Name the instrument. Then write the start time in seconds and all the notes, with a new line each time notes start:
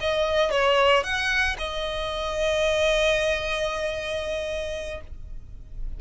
violin
0.00 D#5
0.51 C#5
1.03 F#5
1.58 D#5